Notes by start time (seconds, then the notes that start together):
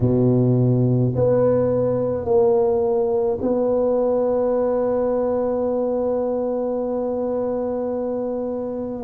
0.00 B2
1.15 B3
2.24 A#3
3.41 B3